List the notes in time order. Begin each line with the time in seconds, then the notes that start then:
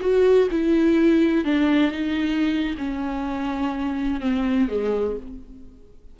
0.00 F#4
0.50 E4
1.44 D4
1.91 D#4
2.77 C#4
4.20 C4
4.68 G#3